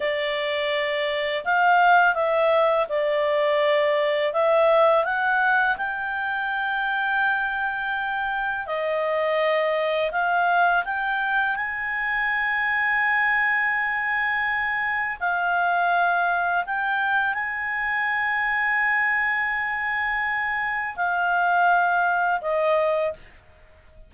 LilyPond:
\new Staff \with { instrumentName = "clarinet" } { \time 4/4 \tempo 4 = 83 d''2 f''4 e''4 | d''2 e''4 fis''4 | g''1 | dis''2 f''4 g''4 |
gis''1~ | gis''4 f''2 g''4 | gis''1~ | gis''4 f''2 dis''4 | }